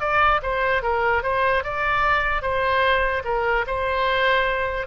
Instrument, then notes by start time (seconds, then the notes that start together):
oboe
0.00 D5
0.42 C5
0.83 A#4
1.23 C5
1.64 D5
2.42 C5
3.25 A#4
3.67 C5